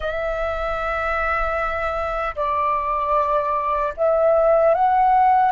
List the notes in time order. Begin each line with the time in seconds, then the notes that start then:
0.00 E5
2.35 D5
3.97 E5
4.74 F#5